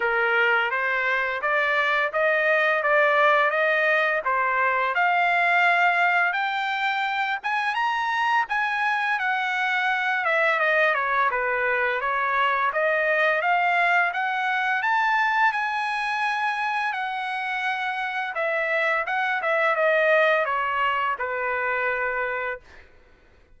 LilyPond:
\new Staff \with { instrumentName = "trumpet" } { \time 4/4 \tempo 4 = 85 ais'4 c''4 d''4 dis''4 | d''4 dis''4 c''4 f''4~ | f''4 g''4. gis''8 ais''4 | gis''4 fis''4. e''8 dis''8 cis''8 |
b'4 cis''4 dis''4 f''4 | fis''4 a''4 gis''2 | fis''2 e''4 fis''8 e''8 | dis''4 cis''4 b'2 | }